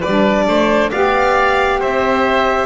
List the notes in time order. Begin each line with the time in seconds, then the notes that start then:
0.00 B4 D5
0.06 G3 D4
0.48 A3 C5
0.91 B3 G4 D5 F5
1.80 C4 C5 E5